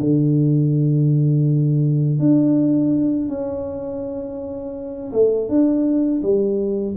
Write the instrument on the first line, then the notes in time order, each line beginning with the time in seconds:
tuba
0.00 D3
2.19 D4
3.29 C#4
5.13 A3
5.48 D4
6.22 G3